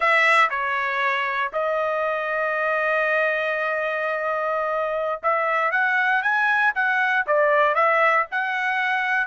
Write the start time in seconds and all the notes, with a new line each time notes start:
0.00 E5
0.49 C#5
1.53 D#5
5.22 E5
5.71 F#5
6.22 G#5
6.74 F#5
7.26 D5
7.74 E5
8.31 F#5